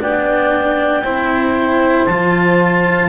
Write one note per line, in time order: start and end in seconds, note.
0.00 1.04 B3
0.00 1.03 D4
0.00 1.04 D5
0.00 2.06 G5
1.04 2.08 C4
1.04 2.08 E4
1.04 3.09 C5
2.06 3.09 F3
2.06 3.09 F4
2.06 3.09 A5